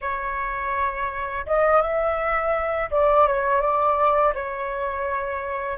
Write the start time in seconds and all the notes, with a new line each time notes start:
0.01 C#5
1.46 D#5
1.81 E5
2.90 D5
3.27 C#5
3.61 D5
4.34 C#5